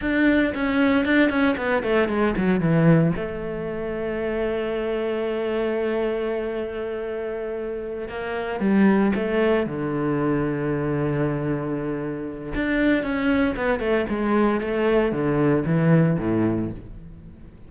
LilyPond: \new Staff \with { instrumentName = "cello" } { \time 4/4 \tempo 4 = 115 d'4 cis'4 d'8 cis'8 b8 a8 | gis8 fis8 e4 a2~ | a1~ | a2.~ a8 ais8~ |
ais8 g4 a4 d4.~ | d1 | d'4 cis'4 b8 a8 gis4 | a4 d4 e4 a,4 | }